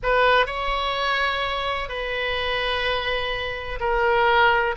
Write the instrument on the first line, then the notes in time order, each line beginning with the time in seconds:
oboe
0.03 B4
0.46 C#5
1.88 B4
3.80 A#4